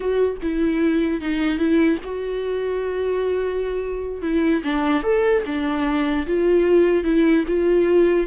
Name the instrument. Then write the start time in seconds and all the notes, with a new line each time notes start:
viola
0.00 F#4
0.42 E4
1.21 D#4
1.58 E4
2.04 F#4
4.22 E4
4.63 D4
5.03 A4
5.45 D4
6.27 F4
7.04 E4
7.47 F4